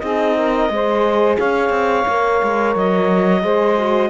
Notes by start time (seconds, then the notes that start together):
0.00 C4 D#4 G#4 D#5
0.38 A#4
0.70 G#3 G#4 C5
1.39 C#4 C#5 F5
1.70 C4
2.08 A#3 A#4
2.43 G#3
2.76 F#3 D#5
3.42 G#3 G#4 C5
3.78 F#4